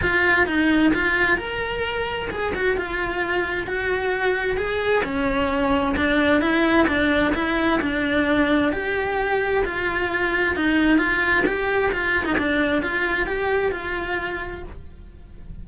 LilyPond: \new Staff \with { instrumentName = "cello" } { \time 4/4 \tempo 4 = 131 f'4 dis'4 f'4 ais'4~ | ais'4 gis'8 fis'8 f'2 | fis'2 gis'4 cis'4~ | cis'4 d'4 e'4 d'4 |
e'4 d'2 g'4~ | g'4 f'2 dis'4 | f'4 g'4 f'8. dis'16 d'4 | f'4 g'4 f'2 | }